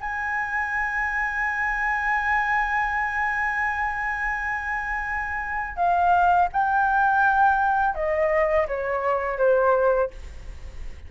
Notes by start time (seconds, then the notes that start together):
0.00 G#5
5.76 F5
6.52 G5
7.95 D#5
8.67 C#5
9.38 C5